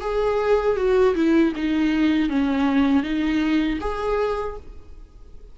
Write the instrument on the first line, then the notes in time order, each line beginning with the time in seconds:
viola
0.00 G#4
0.76 F#4
1.15 E4
1.56 D#4
2.29 C#4
3.02 D#4
3.80 G#4